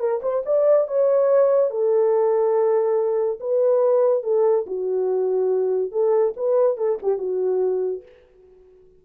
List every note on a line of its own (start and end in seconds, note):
0.00 0.21 A#4
0.23 0.44 C5
0.46 0.88 D5
0.88 1.71 C#5
1.71 3.40 A4
3.41 4.24 B4
4.24 4.66 A4
4.67 5.92 F#4
5.92 6.34 A4
6.37 6.78 B4
6.78 6.99 A4
7.03 7.19 G4
7.19 8.03 F#4